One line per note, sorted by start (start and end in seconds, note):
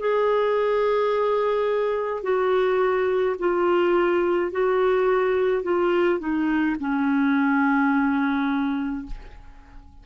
0.00 2.23 G#4
2.23 3.36 F#4
3.39 4.52 F4
4.52 5.63 F#4
5.63 6.20 F4
6.20 6.76 D#4
6.79 9.06 C#4